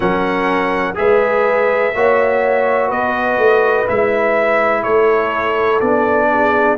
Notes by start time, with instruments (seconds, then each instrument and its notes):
0.00 tuba F#3, trombone C#4, horn A#4, trumpet F#5
0.94 tuba G#3, trombone G#4, horn B4, trumpet E5
1.94 tuba A#3, trombone F#4, horn C#5
2.87 tuba B3, horn B4, trumpet D#5
3.38 tuba A3
3.86 tuba G#3, trombone E4, trumpet E5
4.82 tuba A3, horn A4, trumpet C#5
5.80 tuba B3, trombone D4, trumpet D5
6.31 horn G#4